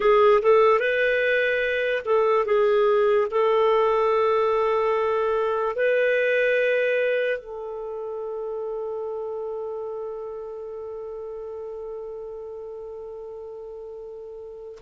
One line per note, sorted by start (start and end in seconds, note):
0.00 0.40 G#4
0.41 0.79 A4
0.79 2.02 B4
2.05 2.45 A4
2.45 3.28 G#4
3.31 5.75 A4
5.75 7.39 B4
7.39 14.79 A4